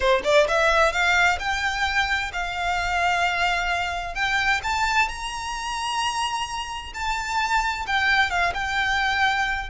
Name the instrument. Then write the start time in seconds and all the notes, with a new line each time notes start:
violin
0.00 C5
0.24 D5
0.47 E5
0.92 F5
1.39 G5
2.32 F5
4.14 G5
4.63 A5
5.08 A#5
6.93 A5
7.86 G5
8.30 F5
8.54 G5